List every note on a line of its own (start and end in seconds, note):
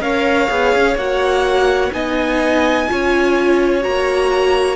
0.00 0.48 C#4
0.00 0.48 A#4
0.00 1.94 C#5
0.00 0.96 F5
0.48 0.74 B3
0.48 0.95 G#4
0.75 0.95 C#4
0.95 1.91 A#3
0.95 1.91 F#4
0.95 1.92 F#5
1.91 2.87 B3
1.91 2.87 D#4
1.91 2.89 D#5
1.91 3.83 G#5
2.87 3.85 C#4
2.87 3.81 F4
2.87 4.76 C#5
3.81 4.76 A#3
3.81 4.76 F#4
3.81 4.76 A#5